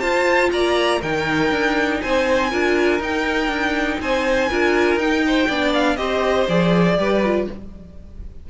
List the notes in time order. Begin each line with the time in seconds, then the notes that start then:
0.00 F4 C5 A5
0.52 A#3 D5 A#5
1.00 D#3 D#4 A#4 G5
1.51 D4
2.01 C4 C5 G#5
2.50 D4 F4 A#4
2.99 D#4 G5
3.48 D4
4.00 C4 C5 G#5
4.49 D4 F4 A#4
4.95 D#4 G5
5.27 C5
5.48 B3 D4 D5
5.74 F5
5.96 C4 G4 C5 D#5
6.48 F3 G#4 D5
6.97 G3 G4 B4
7.25 F4